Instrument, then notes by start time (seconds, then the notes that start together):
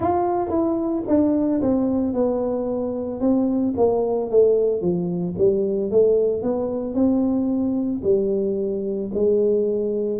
tuba
0.00 F4
0.49 E4
1.07 D4
1.61 C4
2.13 B3
3.20 C4
3.76 A#3
4.30 A3
4.81 F3
5.38 G3
5.90 A3
6.42 B3
6.94 C4
8.03 G3
9.14 G#3